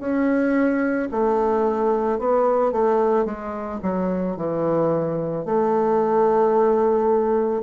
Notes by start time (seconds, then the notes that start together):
0.00 C#4
1.12 A3
2.19 B3
2.72 A3
3.25 G#3
3.82 F#3
4.37 E3
5.45 A3